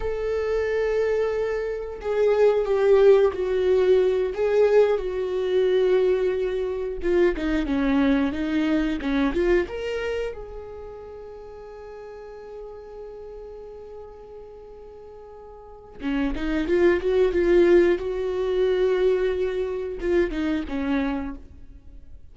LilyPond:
\new Staff \with { instrumentName = "viola" } { \time 4/4 \tempo 4 = 90 a'2. gis'4 | g'4 fis'4. gis'4 fis'8~ | fis'2~ fis'8 f'8 dis'8 cis'8~ | cis'8 dis'4 cis'8 f'8 ais'4 gis'8~ |
gis'1~ | gis'1 | cis'8 dis'8 f'8 fis'8 f'4 fis'4~ | fis'2 f'8 dis'8 cis'4 | }